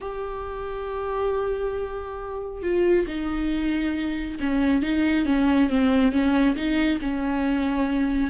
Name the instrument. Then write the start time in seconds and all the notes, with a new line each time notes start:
viola
0.01 G4
2.62 F4
3.07 D#4
4.40 C#4
4.82 D#4
5.25 C#4
5.69 C4
6.11 C#4
6.56 D#4
7.01 C#4